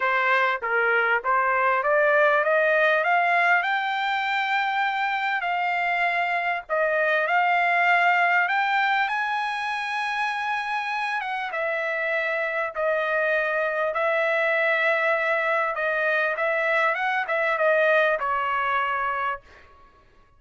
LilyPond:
\new Staff \with { instrumentName = "trumpet" } { \time 4/4 \tempo 4 = 99 c''4 ais'4 c''4 d''4 | dis''4 f''4 g''2~ | g''4 f''2 dis''4 | f''2 g''4 gis''4~ |
gis''2~ gis''8 fis''8 e''4~ | e''4 dis''2 e''4~ | e''2 dis''4 e''4 | fis''8 e''8 dis''4 cis''2 | }